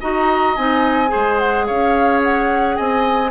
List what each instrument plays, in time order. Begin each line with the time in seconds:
0.00 bassoon D#4, clarinet F#4, oboe D#5, flute A#5
0.55 bassoon C4, clarinet D#4, flute G#5
1.07 clarinet G#4, oboe C5
1.15 bassoon G#3
1.38 flute F#5
1.66 bassoon C#4, oboe C#5, flute F5
2.22 flute F#5
2.76 bassoon C4, oboe D#5, flute G#5